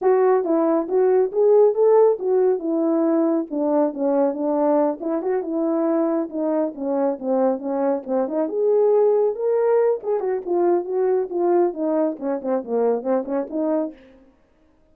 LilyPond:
\new Staff \with { instrumentName = "horn" } { \time 4/4 \tempo 4 = 138 fis'4 e'4 fis'4 gis'4 | a'4 fis'4 e'2 | d'4 cis'4 d'4. e'8 | fis'8 e'2 dis'4 cis'8~ |
cis'8 c'4 cis'4 c'8 dis'8 gis'8~ | gis'4. ais'4. gis'8 fis'8 | f'4 fis'4 f'4 dis'4 | cis'8 c'8 ais4 c'8 cis'8 dis'4 | }